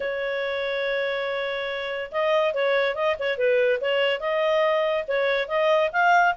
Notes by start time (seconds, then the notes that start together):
0.00 C#5
2.11 D#5
2.54 C#5
2.94 D#5
3.19 C#5
3.37 B4
3.80 C#5
4.20 D#5
5.07 C#5
5.48 D#5
5.92 F5